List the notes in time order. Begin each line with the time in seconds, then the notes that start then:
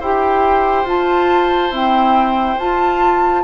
0.00 E4 G4 C5 G5
0.84 F4 A5
1.70 C4 E4 G5
2.59 F4 A5